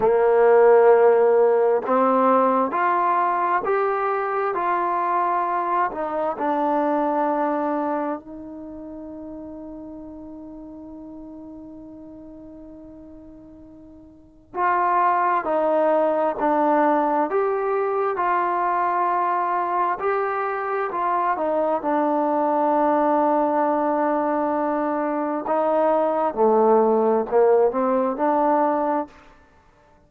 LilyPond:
\new Staff \with { instrumentName = "trombone" } { \time 4/4 \tempo 4 = 66 ais2 c'4 f'4 | g'4 f'4. dis'8 d'4~ | d'4 dis'2.~ | dis'1 |
f'4 dis'4 d'4 g'4 | f'2 g'4 f'8 dis'8 | d'1 | dis'4 a4 ais8 c'8 d'4 | }